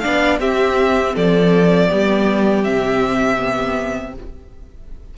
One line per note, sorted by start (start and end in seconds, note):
0.00 0.40 B3
0.00 0.40 D4
0.00 0.40 D5
0.00 0.38 F5
0.40 1.15 C4
0.40 1.88 C4
0.40 1.15 G4
0.40 1.16 E5
1.15 1.91 F3
1.15 1.89 A4
1.15 2.64 D5
1.88 2.68 G3
1.88 2.63 B3
1.88 4.14 G4
2.64 4.17 C3
2.64 3.37 C4
2.64 4.14 E5
3.37 4.12 B3